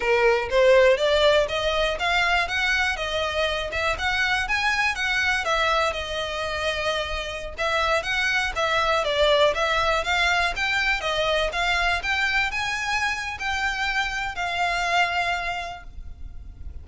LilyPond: \new Staff \with { instrumentName = "violin" } { \time 4/4 \tempo 4 = 121 ais'4 c''4 d''4 dis''4 | f''4 fis''4 dis''4. e''8 | fis''4 gis''4 fis''4 e''4 | dis''2.~ dis''16 e''8.~ |
e''16 fis''4 e''4 d''4 e''8.~ | e''16 f''4 g''4 dis''4 f''8.~ | f''16 g''4 gis''4.~ gis''16 g''4~ | g''4 f''2. | }